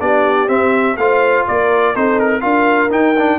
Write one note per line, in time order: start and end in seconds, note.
0.00 0.49 B3
0.00 0.48 D4
0.00 0.98 G4
0.00 0.49 D5
0.48 0.97 C4
0.48 0.97 E5
0.97 1.45 A3
0.97 1.95 F4
0.97 1.48 C5
0.97 1.45 F5
1.47 1.95 A#3
1.47 1.95 A#4
1.47 1.96 D5
1.95 2.44 C4
1.95 2.41 D#4
1.95 2.42 A4
1.95 2.19 C5
2.19 2.41 A#4
2.41 2.91 D4
2.41 2.89 F4
2.41 3.39 A#4
2.41 2.89 F5
2.90 3.15 D#4
2.90 3.39 D#4
2.90 3.39 G5
3.18 3.39 D4